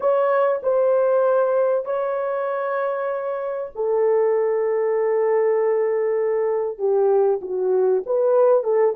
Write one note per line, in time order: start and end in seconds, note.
0.00 0.61 C#5
0.62 1.85 C5
1.85 3.70 C#5
3.75 6.78 A4
6.78 7.40 G4
7.41 8.03 F#4
8.06 8.63 B4
8.63 8.94 A4